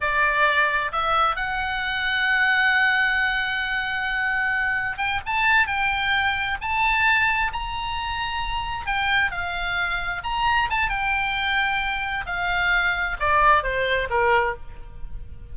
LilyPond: \new Staff \with { instrumentName = "oboe" } { \time 4/4 \tempo 4 = 132 d''2 e''4 fis''4~ | fis''1~ | fis''2. g''8 a''8~ | a''8 g''2 a''4.~ |
a''8 ais''2. g''8~ | g''8 f''2 ais''4 a''8 | g''2. f''4~ | f''4 d''4 c''4 ais'4 | }